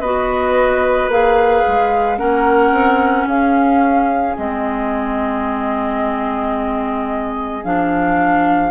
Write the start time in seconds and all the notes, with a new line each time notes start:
0.00 B3 F#4 B4 D#5
1.08 A#3 G#4 F5
1.68 G#3
2.18 A#3 C#4 A#4 F#5
2.72 C4
3.27 C#4 G#4 F5
4.37 G#3 C4 D#5
7.64 F3 D4 F5